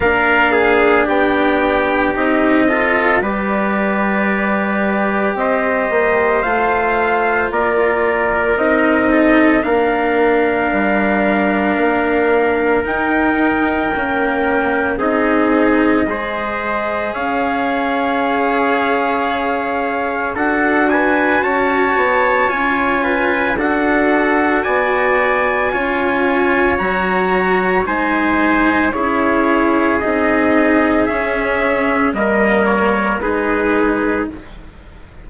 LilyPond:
<<
  \new Staff \with { instrumentName = "trumpet" } { \time 4/4 \tempo 4 = 56 f''4 g''4 dis''4 d''4~ | d''4 dis''4 f''4 d''4 | dis''4 f''2. | g''2 dis''2 |
f''2. fis''8 gis''8 | a''4 gis''4 fis''4 gis''4~ | gis''4 ais''4 gis''4 cis''4 | dis''4 e''4 dis''8 cis''8 b'4 | }
  \new Staff \with { instrumentName = "trumpet" } { \time 4/4 ais'8 gis'8 g'4. a'8 b'4~ | b'4 c''2 ais'4~ | ais'8 a'8 ais'2.~ | ais'2 gis'4 c''4 |
cis''2. a'8 b'8 | cis''4. b'8 a'4 d''4 | cis''2 c''4 gis'4~ | gis'2 ais'4 gis'4 | }
  \new Staff \with { instrumentName = "cello" } { \time 4/4 d'2 dis'8 f'8 g'4~ | g'2 f'2 | dis'4 d'2. | dis'4 ais4 dis'4 gis'4~ |
gis'2. fis'4~ | fis'4 f'4 fis'2 | f'4 fis'4 dis'4 e'4 | dis'4 cis'4 ais4 dis'4 | }
  \new Staff \with { instrumentName = "bassoon" } { \time 4/4 ais4 b4 c'4 g4~ | g4 c'8 ais8 a4 ais4 | c'4 ais4 g4 ais4 | dis'4 cis'4 c'4 gis4 |
cis'2. d'4 | cis'8 b8 cis'4 d'4 b4 | cis'4 fis4 gis4 cis'4 | c'4 cis'4 g4 gis4 | }
>>